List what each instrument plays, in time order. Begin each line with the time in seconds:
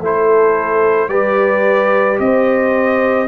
0.00 tuba A3, trombone E4, horn A4, trumpet C5
1.09 tuba G3, trombone G4, horn B4, trumpet D5
2.19 tuba C4, horn C5, trumpet D#5